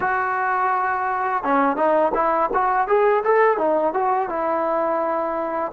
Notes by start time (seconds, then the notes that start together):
0.00 F#4
1.43 C#4
1.76 D#4
2.14 E4
2.53 F#4
2.87 G#4
3.24 A4
3.57 D#4
3.93 F#4
4.29 E4